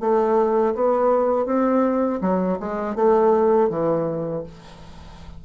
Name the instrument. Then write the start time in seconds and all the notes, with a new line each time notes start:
bassoon
0.00 A3
0.74 B3
1.45 C4
2.21 F#3
2.60 G#3
2.95 A3
3.69 E3